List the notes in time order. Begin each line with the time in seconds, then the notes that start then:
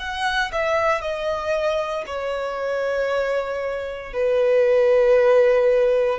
0.00 F#5
0.53 E5
1.02 D#5
2.07 C#5
4.14 B4